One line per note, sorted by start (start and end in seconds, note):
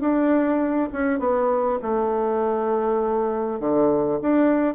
0.00 0.89 D4
0.93 1.20 C#4
1.20 1.79 B3
1.82 3.60 A3
3.60 4.19 D3
4.22 4.74 D4